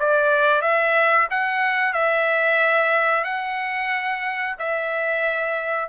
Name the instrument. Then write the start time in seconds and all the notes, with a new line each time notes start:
trumpet
0.00 D5
0.62 E5
1.31 F#5
1.94 E5
3.25 F#5
4.59 E5